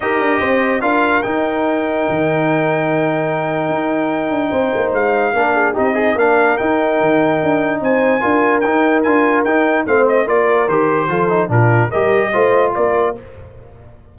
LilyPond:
<<
  \new Staff \with { instrumentName = "trumpet" } { \time 4/4 \tempo 4 = 146 dis''2 f''4 g''4~ | g''1~ | g''1 | f''2 dis''4 f''4 |
g''2. gis''4~ | gis''4 g''4 gis''4 g''4 | f''8 dis''8 d''4 c''2 | ais'4 dis''2 d''4 | }
  \new Staff \with { instrumentName = "horn" } { \time 4/4 ais'4 c''4 ais'2~ | ais'1~ | ais'2. c''4~ | c''4 ais'8 gis'8 g'8 dis'8 ais'4~ |
ais'2. c''4 | ais'1 | c''4 ais'2 a'4 | f'4 ais'4 c''4 ais'4 | }
  \new Staff \with { instrumentName = "trombone" } { \time 4/4 g'2 f'4 dis'4~ | dis'1~ | dis'1~ | dis'4 d'4 dis'8 gis'8 d'4 |
dis'1 | f'4 dis'4 f'4 dis'4 | c'4 f'4 g'4 f'8 dis'8 | d'4 g'4 f'2 | }
  \new Staff \with { instrumentName = "tuba" } { \time 4/4 dis'8 d'8 c'4 d'4 dis'4~ | dis'4 dis2.~ | dis4 dis'4. d'8 c'8 ais8 | gis4 ais4 c'4 ais4 |
dis'4 dis4 d'4 c'4 | d'4 dis'4 d'4 dis'4 | a4 ais4 dis4 f4 | ais,4 g4 a4 ais4 | }
>>